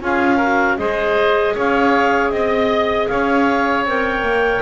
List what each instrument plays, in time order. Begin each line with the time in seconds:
0.00 double bass C#4, clarinet F4 F5, oboe G#4
0.37 clarinet F#4, oboe A#4
0.78 double bass G#3, clarinet G#4 D#5, oboe C5
1.54 double bass C#4, oboe C#5, clarinet F5
2.30 double bass C4, clarinet D#5, oboe D#5
3.07 double bass C#4, oboe C#5, clarinet F5
3.85 double bass C4, clarinet A#4 G5
4.22 double bass A#3